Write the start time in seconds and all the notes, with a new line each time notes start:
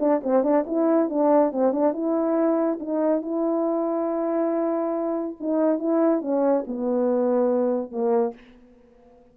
0.00 D4
0.24 C4
0.44 D4
0.67 E4
1.10 D4
1.52 C4
1.72 D4
1.93 E4
2.80 D#4
3.22 E4
5.41 D#4
5.79 E4
6.22 C#4
6.67 B3
7.91 A#3